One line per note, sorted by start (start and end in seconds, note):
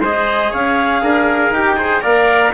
0.00 0.51 G#3
0.00 1.54 G#4
0.00 0.50 C5
0.00 0.53 D#5
0.50 1.02 C#4
0.50 1.01 C#5
0.50 1.54 F5
1.02 1.50 D4
1.02 1.77 A#4
1.50 2.01 D#4
1.50 1.76 G4
1.50 2.03 G5
1.76 2.01 G#4
1.76 2.02 C5
2.01 2.53 A#3
2.01 2.51 A#4
2.01 2.52 D5
2.01 2.53 F5